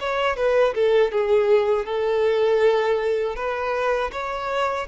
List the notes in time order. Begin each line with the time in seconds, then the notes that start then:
0.00 C#5
0.36 B4
0.74 A4
1.12 G#4
1.86 A4
3.36 B4
4.12 C#5